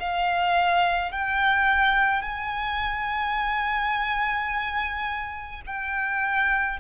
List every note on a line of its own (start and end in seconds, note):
0.00 1.12 F5
1.12 2.22 G5
2.22 5.62 G#5
5.67 6.80 G5